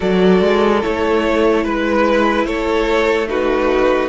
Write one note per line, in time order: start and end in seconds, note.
0.00 0.41 F#3
0.00 0.80 F#4
0.00 1.63 A4
0.00 0.82 D5
0.41 0.82 G#3
0.81 1.64 A3
0.81 3.27 E4
0.81 1.64 C#5
1.63 2.45 G#3
1.63 2.45 B4
2.45 4.09 A3
2.45 3.28 A4
2.45 3.27 C#5
3.27 4.09 D#4
3.27 4.09 F#4
3.27 4.09 B4